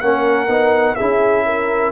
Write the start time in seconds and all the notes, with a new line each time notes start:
0.00 A#3 C#4 A#4 F#5
0.48 B3 D#4
0.95 C#4 E4 G#4 E5
1.45 A#4